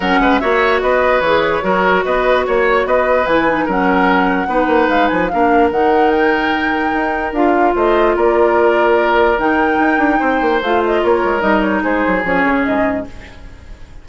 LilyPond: <<
  \new Staff \with { instrumentName = "flute" } { \time 4/4 \tempo 4 = 147 fis''4 e''4 dis''4 cis''4~ | cis''4 dis''4 cis''4 dis''4 | gis''4 fis''2. | f''8 gis''8 f''4 fis''4 g''4~ |
g''2 f''4 dis''4 | d''2. g''4~ | g''2 f''8 dis''8 cis''4 | dis''8 cis''8 c''4 cis''4 dis''4 | }
  \new Staff \with { instrumentName = "oboe" } { \time 4/4 ais'8 b'8 cis''4 b'2 | ais'4 b'4 cis''4 b'4~ | b'4 ais'2 b'4~ | b'4 ais'2.~ |
ais'2. c''4 | ais'1~ | ais'4 c''2 ais'4~ | ais'4 gis'2. | }
  \new Staff \with { instrumentName = "clarinet" } { \time 4/4 cis'4 fis'2 gis'4 | fis'1 | e'8 dis'8 cis'2 dis'4~ | dis'4 d'4 dis'2~ |
dis'2 f'2~ | f'2. dis'4~ | dis'2 f'2 | dis'2 cis'2 | }
  \new Staff \with { instrumentName = "bassoon" } { \time 4/4 fis8 gis8 ais4 b4 e4 | fis4 b4 ais4 b4 | e4 fis2 b8 ais8 | gis8 f8 ais4 dis2~ |
dis4 dis'4 d'4 a4 | ais2. dis4 | dis'8 d'8 c'8 ais8 a4 ais8 gis8 | g4 gis8 fis8 f8 cis8 gis,4 | }
>>